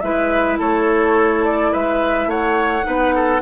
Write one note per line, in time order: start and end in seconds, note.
0.00 0.59 G#3
0.00 2.83 E4
0.00 0.59 B4
0.00 0.57 E5
0.59 1.73 A3
0.59 1.72 A4
0.59 1.45 C#5
1.45 1.73 D5
1.72 2.26 G#3
1.72 2.29 B4
1.72 2.30 E5
2.26 2.83 A3
2.26 2.86 C#5
2.26 3.42 F#5
2.83 3.42 B3
2.83 3.40 D#4
2.83 3.15 B4
3.15 3.42 A4